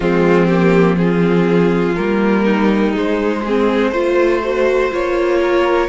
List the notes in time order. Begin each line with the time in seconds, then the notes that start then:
0.00 F3 G#3 C4 F4
0.46 A#3 G4
0.96 C4 F4 G#4
1.95 G3 A#3 A#4
2.44 D#4
2.92 G#3 C5
3.44 C4 G#4
3.91 A3 F4 C5
4.43 F#4
4.91 A#3 F4 C#5
5.40 A#4